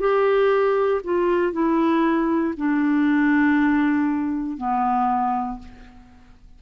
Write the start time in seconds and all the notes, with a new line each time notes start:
0.00 G4
1.04 F4
1.53 E4
2.57 D4
4.58 B3